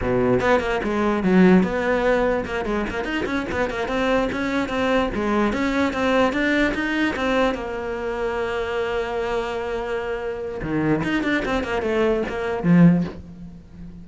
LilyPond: \new Staff \with { instrumentName = "cello" } { \time 4/4 \tempo 4 = 147 b,4 b8 ais8 gis4 fis4 | b2 ais8 gis8 ais8 dis'8 | cis'8 b8 ais8 c'4 cis'4 c'8~ | c'8 gis4 cis'4 c'4 d'8~ |
d'8 dis'4 c'4 ais4.~ | ais1~ | ais2 dis4 dis'8 d'8 | c'8 ais8 a4 ais4 f4 | }